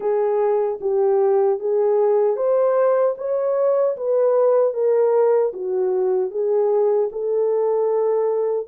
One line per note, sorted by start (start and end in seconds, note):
0.00 0.79 G#4
0.80 1.59 G4
1.59 2.36 G#4
2.36 3.15 C5
3.17 3.96 C#5
3.97 4.73 B4
4.73 5.52 A#4
5.53 6.30 F#4
6.30 7.09 G#4
7.12 8.67 A4